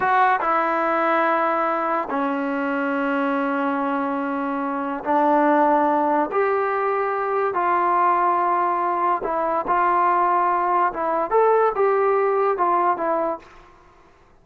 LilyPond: \new Staff \with { instrumentName = "trombone" } { \time 4/4 \tempo 4 = 143 fis'4 e'2.~ | e'4 cis'2.~ | cis'1 | d'2. g'4~ |
g'2 f'2~ | f'2 e'4 f'4~ | f'2 e'4 a'4 | g'2 f'4 e'4 | }